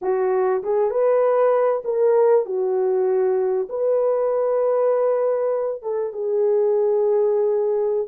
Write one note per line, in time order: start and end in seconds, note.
0.01 0.62 F#4
0.63 0.90 G#4
0.90 1.82 B4
1.84 2.45 A#4
2.45 3.67 F#4
3.69 5.82 B4
5.82 6.12 A4
6.12 8.08 G#4